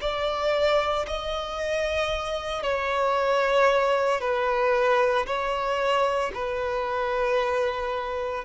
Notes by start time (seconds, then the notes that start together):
0.00 D5
1.07 D#5
2.63 C#5
4.21 B4
5.26 C#5
6.34 B4